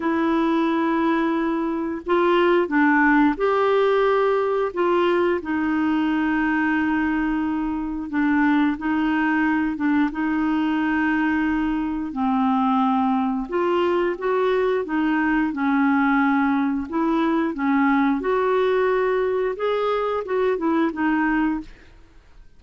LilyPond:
\new Staff \with { instrumentName = "clarinet" } { \time 4/4 \tempo 4 = 89 e'2. f'4 | d'4 g'2 f'4 | dis'1 | d'4 dis'4. d'8 dis'4~ |
dis'2 c'2 | f'4 fis'4 dis'4 cis'4~ | cis'4 e'4 cis'4 fis'4~ | fis'4 gis'4 fis'8 e'8 dis'4 | }